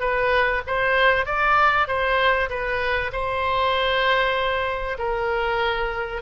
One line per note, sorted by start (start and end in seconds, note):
0.00 0.62 B4
0.67 1.26 C5
1.26 1.88 D5
1.88 2.49 C5
2.49 3.11 B4
3.12 4.98 C5
4.98 6.22 A#4